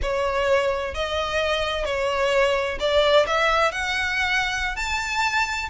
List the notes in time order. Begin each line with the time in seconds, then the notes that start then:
0.01 C#5
0.94 D#5
1.85 C#5
2.79 D5
3.26 E5
3.71 F#5
4.76 A5